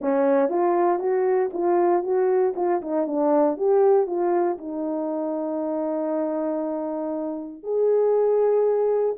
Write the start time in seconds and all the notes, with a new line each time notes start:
0.01 C#4
0.49 F4
0.99 F#4
1.53 F4
2.03 F#4
2.55 F4
2.81 D#4
3.06 D4
3.57 G4
4.06 F4
4.58 D#4
7.63 G#4